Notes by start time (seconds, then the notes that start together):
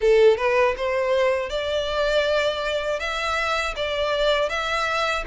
0.00 A4
0.37 B4
0.76 C5
1.49 D5
2.99 E5
3.76 D5
4.49 E5